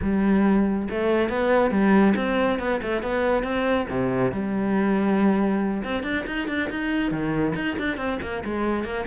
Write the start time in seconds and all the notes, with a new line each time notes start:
0.02 G3
0.90 A3
1.29 B3
1.71 G3
2.16 C4
2.59 B3
2.82 A3
3.02 B3
3.43 C4
3.89 C3
4.32 G3
5.83 C4
6.03 D4
6.26 D#4
6.48 D4
6.69 D#4
7.11 D#3
7.55 D#4
7.78 D4
7.97 C4
8.22 A#3
8.44 G#3
8.84 A#3